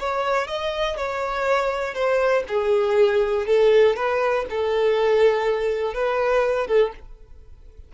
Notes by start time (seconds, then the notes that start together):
0.00 C#5
0.47 D#5
0.97 C#5
1.94 C5
2.48 G#4
3.47 A4
3.96 B4
4.50 A4
5.94 B4
6.67 A4